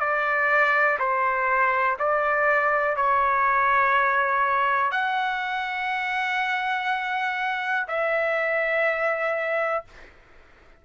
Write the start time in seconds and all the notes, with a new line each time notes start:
0.00 D5
1.00 C5
1.99 D5
2.97 C#5
4.92 F#5
7.88 E5